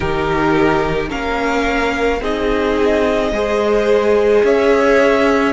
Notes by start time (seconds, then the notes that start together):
0.00 D#3 D#4 G4 A#4
1.08 A#3 C#4 A#4 F5
2.20 C4 D#4 G#4 D#5
3.31 G#3 G#4 C5
4.43 C#4 C#5 E5